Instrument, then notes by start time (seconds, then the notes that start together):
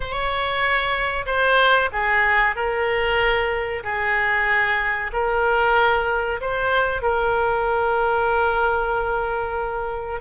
oboe
0.00 C#5
1.26 C5
1.92 G#4
2.55 A#4
3.83 G#4
5.12 A#4
6.40 C5
7.02 A#4